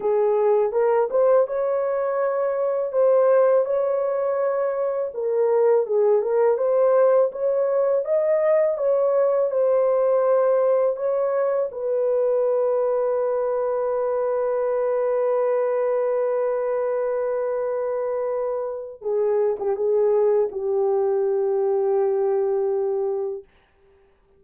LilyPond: \new Staff \with { instrumentName = "horn" } { \time 4/4 \tempo 4 = 82 gis'4 ais'8 c''8 cis''2 | c''4 cis''2 ais'4 | gis'8 ais'8 c''4 cis''4 dis''4 | cis''4 c''2 cis''4 |
b'1~ | b'1~ | b'2 gis'8. g'16 gis'4 | g'1 | }